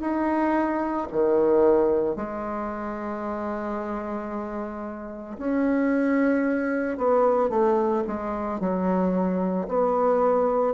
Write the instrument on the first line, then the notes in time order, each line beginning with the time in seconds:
bassoon
0.00 D#4
1.12 D#3
2.16 G#3
5.38 C#4
6.97 B3
7.50 A3
8.07 G#3
8.60 F#3
9.68 B3